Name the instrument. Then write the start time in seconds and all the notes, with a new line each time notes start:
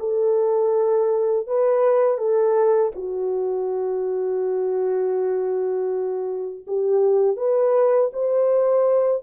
horn
0.00 A4
1.47 B4
2.18 A4
2.96 F#4
6.67 G4
7.37 B4
8.13 C5